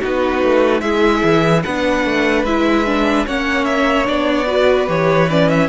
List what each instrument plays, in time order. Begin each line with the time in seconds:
0.00 cello B3, viola D#4, violin F#4 B4
0.43 cello A3
0.81 cello G#3, viola E4, violin G#4 E5
1.23 cello E3
1.62 cello B3, viola D4, violin B4 F#5
2.04 cello A3
2.44 cello G#3, viola E4, violin E5
2.86 viola D4
3.26 cello A#3, viola C#4, violin C#5 F#5
3.65 violin E5
4.05 cello B3, viola D4, violin D5
4.46 viola F#4, violin B4
4.87 cello E3, viola G4, violin C#5
5.29 viola C#4, violin D5
5.49 violin E5